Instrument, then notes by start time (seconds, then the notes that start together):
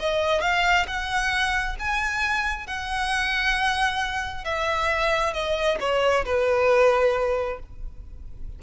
violin
0.00 D#5
0.42 F5
0.88 F#5
1.80 G#5
2.67 F#5
4.45 E5
5.34 D#5
5.80 C#5
6.25 B4